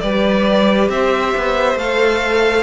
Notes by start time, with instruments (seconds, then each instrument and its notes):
0.00 cello G3, viola G4, violin B4 D5
0.89 cello C4, violin C5 E5
1.37 cello B3
1.75 cello A3, viola A4, violin F5